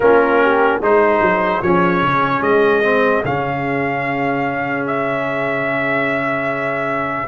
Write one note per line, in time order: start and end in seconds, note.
0.00 0.80 A#3
0.00 0.81 C#4
0.00 0.42 F4
0.00 0.81 A#4
0.42 0.79 G4
0.79 1.21 G#3
0.79 1.62 D#4
0.79 7.27 G#4
0.79 1.61 C5
1.21 1.62 F#3
1.61 2.02 F3
1.61 2.83 C#4
1.61 2.42 C#5
2.02 2.41 C#3
2.41 3.22 G#3
2.41 3.23 D#5
2.83 3.23 C4
3.24 7.27 C#3
3.24 7.27 C#4
3.24 4.86 F5
4.86 7.27 E5